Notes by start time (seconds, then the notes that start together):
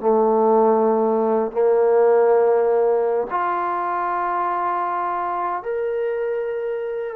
0.00 A3
1.52 A#3
3.31 F4
5.63 A#4